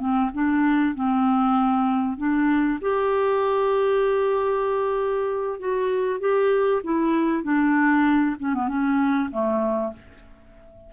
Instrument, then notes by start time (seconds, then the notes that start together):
clarinet
0.00 C4
0.34 D4
0.95 C4
2.18 D4
2.82 G4
5.60 F#4
6.21 G4
6.84 E4
7.43 D4
8.40 C#4
8.55 B3
8.69 C#4
9.31 A3